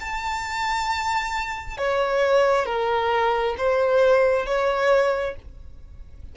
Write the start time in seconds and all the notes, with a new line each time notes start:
0.00 A5
1.77 C#5
2.66 A#4
3.58 C5
4.46 C#5